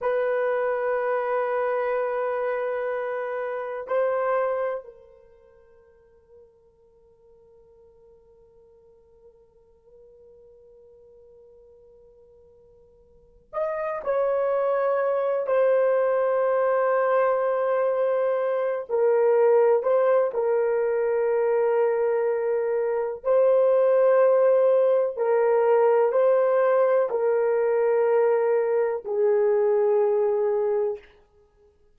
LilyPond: \new Staff \with { instrumentName = "horn" } { \time 4/4 \tempo 4 = 62 b'1 | c''4 ais'2.~ | ais'1~ | ais'2 dis''8 cis''4. |
c''2.~ c''8 ais'8~ | ais'8 c''8 ais'2. | c''2 ais'4 c''4 | ais'2 gis'2 | }